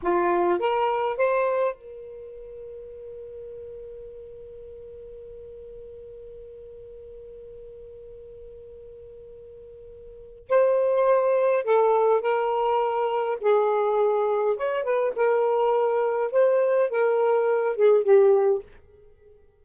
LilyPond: \new Staff \with { instrumentName = "saxophone" } { \time 4/4 \tempo 4 = 103 f'4 ais'4 c''4 ais'4~ | ais'1~ | ais'1~ | ais'1~ |
ais'2 c''2 | a'4 ais'2 gis'4~ | gis'4 cis''8 b'8 ais'2 | c''4 ais'4. gis'8 g'4 | }